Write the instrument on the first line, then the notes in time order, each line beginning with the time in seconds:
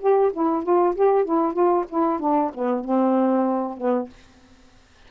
saxophone
0.00 G4
0.33 E4
0.64 F4
0.95 G4
1.25 E4
1.54 F4
1.89 E4
2.20 D4
2.54 B3
2.84 C4
3.78 B3